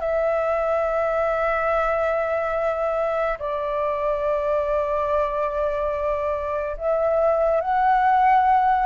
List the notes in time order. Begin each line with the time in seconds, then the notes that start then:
0.00 E5
3.39 D5
6.77 E5
7.61 F#5